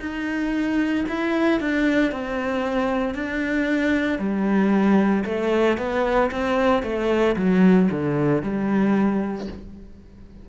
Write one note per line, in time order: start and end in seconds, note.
0.00 1.05 D#4
1.09 1.60 E4
1.60 2.12 D4
2.12 3.15 C4
3.15 4.19 D4
4.19 5.24 G3
5.25 5.78 A3
5.78 6.31 B3
6.31 6.83 C4
6.83 7.35 A3
7.36 7.89 F#3
7.91 8.42 D3
8.42 9.47 G3